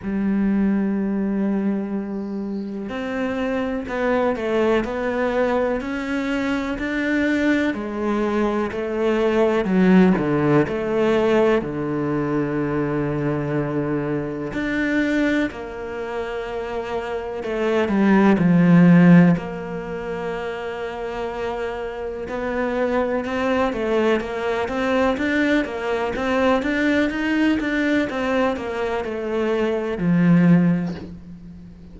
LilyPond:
\new Staff \with { instrumentName = "cello" } { \time 4/4 \tempo 4 = 62 g2. c'4 | b8 a8 b4 cis'4 d'4 | gis4 a4 fis8 d8 a4 | d2. d'4 |
ais2 a8 g8 f4 | ais2. b4 | c'8 a8 ais8 c'8 d'8 ais8 c'8 d'8 | dis'8 d'8 c'8 ais8 a4 f4 | }